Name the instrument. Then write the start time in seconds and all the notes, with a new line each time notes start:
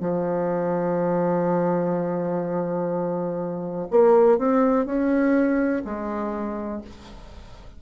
bassoon
0.00 F3
3.91 A#3
4.38 C4
4.86 C#4
5.85 G#3